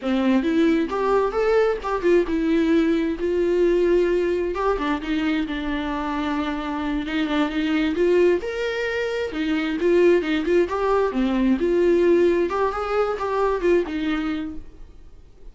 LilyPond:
\new Staff \with { instrumentName = "viola" } { \time 4/4 \tempo 4 = 132 c'4 e'4 g'4 a'4 | g'8 f'8 e'2 f'4~ | f'2 g'8 d'8 dis'4 | d'2.~ d'8 dis'8 |
d'8 dis'4 f'4 ais'4.~ | ais'8 dis'4 f'4 dis'8 f'8 g'8~ | g'8 c'4 f'2 g'8 | gis'4 g'4 f'8 dis'4. | }